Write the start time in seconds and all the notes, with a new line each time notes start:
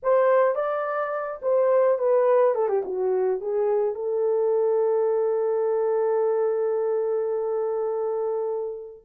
0.02 C5
0.55 D5
1.42 C5
1.98 B4
2.54 A4
2.68 G4
2.85 F#4
3.40 G#4
3.94 A4